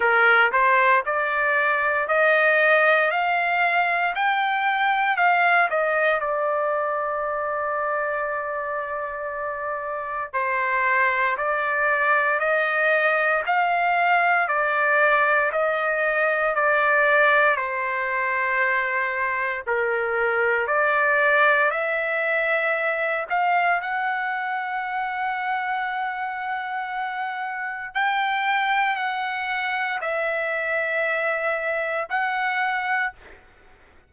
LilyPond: \new Staff \with { instrumentName = "trumpet" } { \time 4/4 \tempo 4 = 58 ais'8 c''8 d''4 dis''4 f''4 | g''4 f''8 dis''8 d''2~ | d''2 c''4 d''4 | dis''4 f''4 d''4 dis''4 |
d''4 c''2 ais'4 | d''4 e''4. f''8 fis''4~ | fis''2. g''4 | fis''4 e''2 fis''4 | }